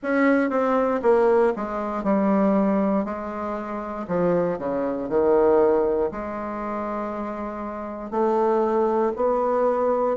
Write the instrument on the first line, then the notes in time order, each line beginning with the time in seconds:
bassoon
0.02 C#4
0.49 C4
1.02 A#3
1.55 G#3
2.03 G3
3.05 G#3
4.07 F3
4.58 C#3
5.09 D#3
6.11 G#3
8.10 A3
9.16 B3